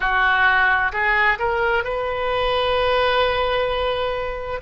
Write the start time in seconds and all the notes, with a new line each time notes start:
0.00 F#4
0.92 G#4
1.38 A#4
1.83 B4